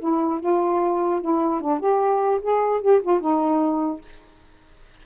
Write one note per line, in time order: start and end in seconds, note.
0.00 0.40 E4
0.40 1.21 F4
1.21 1.61 E4
1.61 1.80 D4
1.80 2.40 G4
2.42 2.81 G#4
2.81 3.01 G4
3.02 3.20 F4
3.20 4.02 D#4